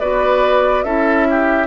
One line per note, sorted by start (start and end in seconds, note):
0.00 0.84 B3
0.00 0.85 F#4
0.00 0.85 B4
0.00 0.83 D5
0.83 1.67 C#4
0.83 1.67 E4
0.83 1.27 A4
0.83 1.67 E5
1.30 1.67 G4